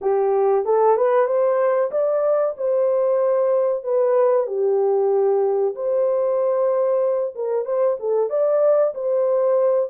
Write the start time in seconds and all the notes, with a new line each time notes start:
0.01 G4
0.65 A4
0.97 B4
1.26 C5
1.91 D5
2.57 C5
3.83 B4
4.47 G4
5.74 C5
7.35 A#4
7.65 C5
7.99 A4
8.29 D5
8.94 C5